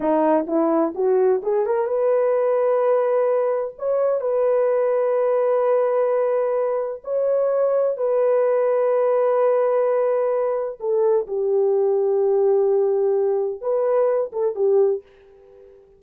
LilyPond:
\new Staff \with { instrumentName = "horn" } { \time 4/4 \tempo 4 = 128 dis'4 e'4 fis'4 gis'8 ais'8 | b'1 | cis''4 b'2.~ | b'2. cis''4~ |
cis''4 b'2.~ | b'2. a'4 | g'1~ | g'4 b'4. a'8 g'4 | }